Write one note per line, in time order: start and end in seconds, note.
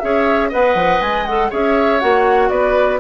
0.00 0.53 C#4
0.00 0.52 G#4
0.00 0.49 C#5
0.00 0.50 E5
0.49 0.75 B3
0.49 1.26 B4
0.49 1.48 D#5
0.49 1.02 F#5
0.75 1.00 F3
1.01 1.51 G#3
1.01 1.26 G#5
1.26 1.51 A4
1.26 1.51 F#5
1.51 2.02 C#4
1.51 2.01 G#4
1.51 2.50 C#5
1.51 2.00 E5
2.00 2.50 A#3
2.00 3.00 F#4
2.00 2.50 F#5
2.50 3.00 B3
2.50 3.00 B4
2.50 2.99 D5